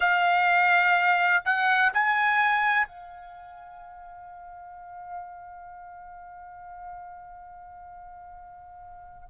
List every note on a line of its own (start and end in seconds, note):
0.00 1.43 F5
1.44 1.92 F#5
1.93 2.86 G#5
2.86 9.29 F5